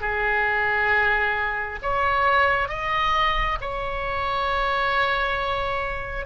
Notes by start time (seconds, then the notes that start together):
0.00 G#4
1.82 C#5
2.68 D#5
3.61 C#5